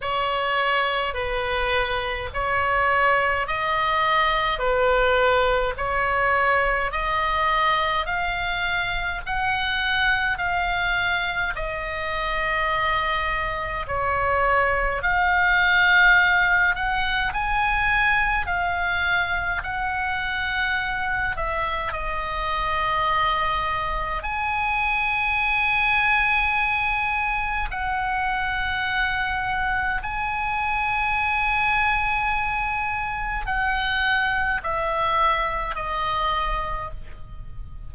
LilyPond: \new Staff \with { instrumentName = "oboe" } { \time 4/4 \tempo 4 = 52 cis''4 b'4 cis''4 dis''4 | b'4 cis''4 dis''4 f''4 | fis''4 f''4 dis''2 | cis''4 f''4. fis''8 gis''4 |
f''4 fis''4. e''8 dis''4~ | dis''4 gis''2. | fis''2 gis''2~ | gis''4 fis''4 e''4 dis''4 | }